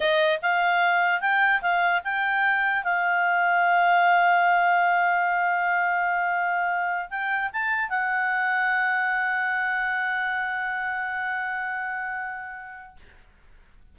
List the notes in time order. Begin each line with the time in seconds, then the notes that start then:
0.00 D#5
0.42 F5
1.20 G5
1.61 F5
2.04 G5
2.83 F5
7.09 G5
7.53 A5
7.89 F#5